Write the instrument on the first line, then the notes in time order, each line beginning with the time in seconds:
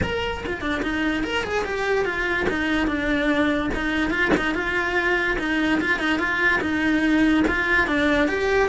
cello
0.02 A#4
0.46 F4
0.61 D4
0.82 D#4
1.23 A#4
1.43 G#4
1.64 G4
2.05 F4
2.49 D#4
2.87 D4
3.74 D#4
4.10 F4
4.36 D#4
4.54 F4
5.38 D#4
5.80 F4
5.99 D#4
6.18 F4
6.61 D#4
7.47 F4
7.87 D4
8.28 G4